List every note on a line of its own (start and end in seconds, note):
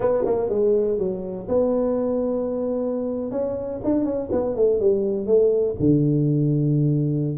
0.00 0.24 B3
0.25 0.49 A#3
0.49 0.98 G#3
0.98 1.47 F#3
1.48 3.31 B3
3.31 3.80 C#4
3.83 4.04 D4
4.04 4.29 C#4
4.31 4.56 B3
4.56 4.80 A3
4.80 5.26 G3
5.26 5.75 A3
5.79 7.37 D3